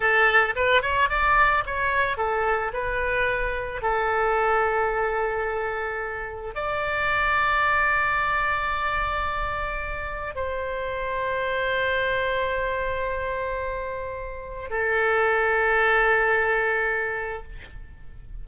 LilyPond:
\new Staff \with { instrumentName = "oboe" } { \time 4/4 \tempo 4 = 110 a'4 b'8 cis''8 d''4 cis''4 | a'4 b'2 a'4~ | a'1 | d''1~ |
d''2. c''4~ | c''1~ | c''2. a'4~ | a'1 | }